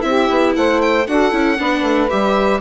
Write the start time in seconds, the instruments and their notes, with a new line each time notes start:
0.00 bassoon C4, viola E4, saxophone G4, violin E5
0.29 bassoon B3
0.55 bassoon A3, saxophone C5, violin F#5
0.81 violin G5
1.07 bassoon D4, viola F#4, saxophone A4, violin F#5
1.31 bassoon C#4, viola E4
1.58 bassoon B3, viola D4, saxophone B4
1.82 bassoon A3
2.09 bassoon G3, viola G4, violin E5